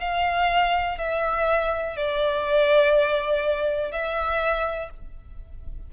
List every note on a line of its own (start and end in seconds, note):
0.00 0.98 F5
0.98 1.96 E5
1.96 3.91 D5
3.91 4.90 E5